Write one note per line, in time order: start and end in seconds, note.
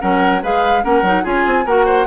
0.00 0.43 F#3
0.00 0.41 C#4
0.00 0.42 A#4
0.00 0.42 F#5
0.42 0.84 G#3
0.42 0.82 G#4
0.42 0.83 B4
0.42 0.84 F5
0.82 1.02 A#3
0.82 1.03 C#4
0.82 1.23 A#4
0.82 1.25 F#5
1.02 1.23 F#3
1.02 1.23 D#4
1.23 1.46 C#4
1.23 1.65 F4
1.23 1.65 G#4
1.23 1.67 G#5
1.46 1.65 C4
1.65 2.06 A#3
1.65 2.06 F#4
1.65 1.85 A#4
1.65 2.06 F#5
1.85 2.06 C5